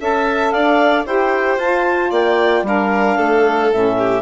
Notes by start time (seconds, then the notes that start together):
0.00 C#4 A4 E5 A5
0.51 D4 D5 F5
1.06 E4 G4 C5 G5
1.58 F4 A5
2.11 A#3 D5 G5
2.63 G3 D4 A#4 F5
3.18 A3 A4
3.73 A2 C#4 E5
3.99 G4